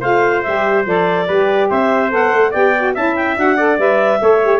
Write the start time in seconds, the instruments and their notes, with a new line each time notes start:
0.00 tuba A3, saxophone F4, trumpet C5, clarinet F5
0.42 tuba G3, saxophone G4, clarinet E5
0.85 tuba F3, saxophone A4, clarinet D5
1.27 tuba G3, saxophone G4, trumpet B4
1.70 tuba C4, trumpet C5, clarinet E5
2.09 tuba B3, saxophone A4, clarinet F#5
2.32 tuba A3
2.51 tuba B3, saxophone G4, trumpet D5, clarinet G5
2.77 saxophone F#4
2.94 tuba C#4, saxophone E4, trumpet E5, clarinet A5
3.16 clarinet G5
3.37 tuba D4, saxophone F#4, clarinet F#5
3.56 saxophone A4, trumpet D5
3.78 tuba G3, saxophone B4, clarinet E5
4.20 tuba A3, saxophone A4, trumpet C#5
4.42 saxophone G4